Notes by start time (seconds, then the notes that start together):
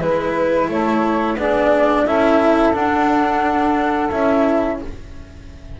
0.00 G#3 E4 B4
0.69 A3 A4 C#5
1.36 B3 D4 G#4 D5
2.06 C#4 E4 A4 E5
2.73 D4 F#5
4.10 C#4 E4 E5